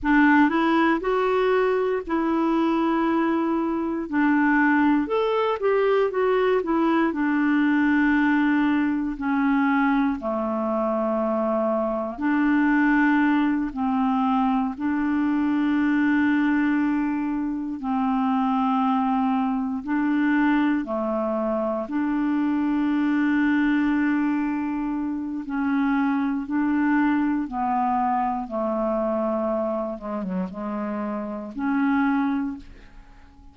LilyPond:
\new Staff \with { instrumentName = "clarinet" } { \time 4/4 \tempo 4 = 59 d'8 e'8 fis'4 e'2 | d'4 a'8 g'8 fis'8 e'8 d'4~ | d'4 cis'4 a2 | d'4. c'4 d'4.~ |
d'4. c'2 d'8~ | d'8 a4 d'2~ d'8~ | d'4 cis'4 d'4 b4 | a4. gis16 fis16 gis4 cis'4 | }